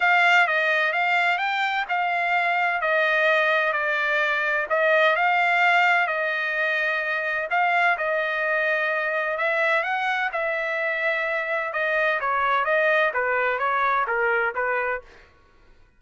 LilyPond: \new Staff \with { instrumentName = "trumpet" } { \time 4/4 \tempo 4 = 128 f''4 dis''4 f''4 g''4 | f''2 dis''2 | d''2 dis''4 f''4~ | f''4 dis''2. |
f''4 dis''2. | e''4 fis''4 e''2~ | e''4 dis''4 cis''4 dis''4 | b'4 cis''4 ais'4 b'4 | }